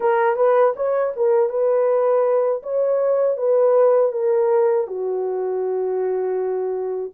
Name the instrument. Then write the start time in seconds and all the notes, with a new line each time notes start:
horn
0.00 A#4
0.36 B4
0.75 C#5
1.16 A#4
1.49 B4
2.62 C#5
3.37 B4
4.12 A#4
4.87 F#4